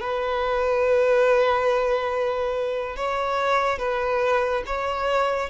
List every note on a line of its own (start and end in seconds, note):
0.00 2.96 B4
2.96 3.79 C#5
3.79 4.63 B4
4.66 5.49 C#5